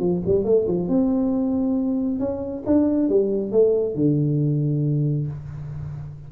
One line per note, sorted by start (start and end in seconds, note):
0.00 0.22 F3
0.26 0.45 G3
0.45 0.67 A3
0.68 0.89 F3
0.89 2.20 C4
2.20 2.64 C#4
2.67 3.09 D4
3.09 3.52 G3
3.52 3.95 A3
3.95 5.28 D3